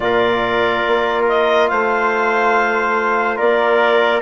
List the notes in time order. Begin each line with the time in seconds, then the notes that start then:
0.00 A#2 F4 A#4 D5
0.86 A#3
1.28 D#5
1.68 A3 C5 F5
3.37 A#3 A#4 D5